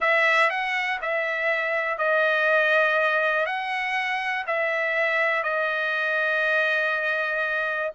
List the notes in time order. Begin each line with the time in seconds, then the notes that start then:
0.00 E5
0.50 F#5
1.01 E5
1.98 D#5
3.46 F#5
4.46 E5
5.43 D#5